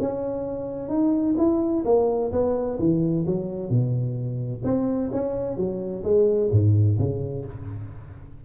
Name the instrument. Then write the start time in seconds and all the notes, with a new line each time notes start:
tuba
0.00 C#4
0.89 D#4
1.38 E4
1.85 A#3
2.32 B3
2.79 E3
3.27 F#3
3.70 B2
4.64 C4
5.12 C#4
5.57 F#3
6.04 G#3
6.52 G#2
6.99 C#3